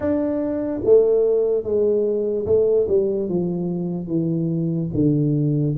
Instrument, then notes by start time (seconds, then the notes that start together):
tuba
0.00 D4
0.84 A3
1.63 G#3
2.45 A3
2.88 G3
3.29 F3
4.07 E3
4.94 D3